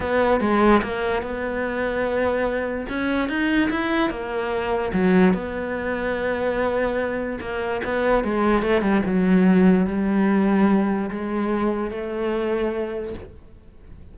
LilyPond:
\new Staff \with { instrumentName = "cello" } { \time 4/4 \tempo 4 = 146 b4 gis4 ais4 b4~ | b2. cis'4 | dis'4 e'4 ais2 | fis4 b2.~ |
b2 ais4 b4 | gis4 a8 g8 fis2 | g2. gis4~ | gis4 a2. | }